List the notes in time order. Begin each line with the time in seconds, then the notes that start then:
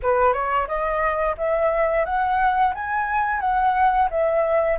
0.02 B4
0.33 C#5
0.67 D#5
1.37 E5
2.05 F#5
2.74 G#5
3.40 F#5
4.10 E5